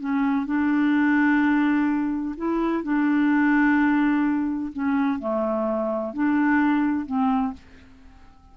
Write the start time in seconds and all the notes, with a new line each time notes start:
0.00 C#4
0.46 D4
2.37 E4
2.83 D4
4.73 C#4
5.19 A3
6.14 D4
7.06 C4